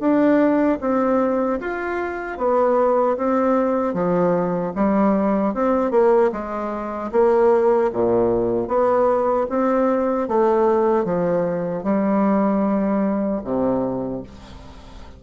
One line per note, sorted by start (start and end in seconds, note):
0.00 0.79 D4
0.81 1.60 C4
1.60 2.38 F4
2.38 3.17 B3
3.17 3.94 C4
3.94 4.73 F3
4.75 5.54 G3
5.54 5.91 C4
5.91 6.31 A#3
6.32 7.11 G#3
7.12 7.91 A#3
7.93 8.68 A#2
8.68 9.47 B3
9.50 10.28 C4
10.28 11.05 A3
11.05 11.83 F3
11.83 13.41 G3
13.44 14.23 C3